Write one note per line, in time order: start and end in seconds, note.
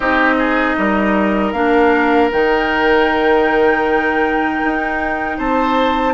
0.00 0.74 C4
0.00 1.54 D#4
0.00 0.34 G4
0.00 1.52 D#5
0.38 0.76 G#4
0.78 1.53 G3
0.78 5.37 A#4
1.52 2.30 A#3
1.52 2.31 D4
1.52 2.29 F5
2.31 4.62 D#3
2.31 6.14 D#4
2.31 5.38 G5
4.64 5.38 D#4
5.37 6.14 C4
5.37 6.14 C5
5.37 6.14 A5